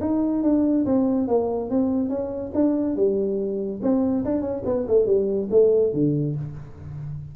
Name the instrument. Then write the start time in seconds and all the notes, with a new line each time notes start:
tuba
0.00 D#4
0.43 D4
0.85 C4
1.27 A#3
1.69 C4
2.09 C#4
2.54 D4
2.96 G3
3.82 C4
4.24 D4
4.41 C#4
4.65 B3
4.87 A3
5.06 G3
5.50 A3
5.93 D3